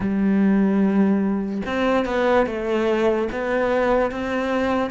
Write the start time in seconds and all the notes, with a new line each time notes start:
0.00 G3
1.66 C4
2.05 B3
2.46 A3
3.31 B3
4.11 C4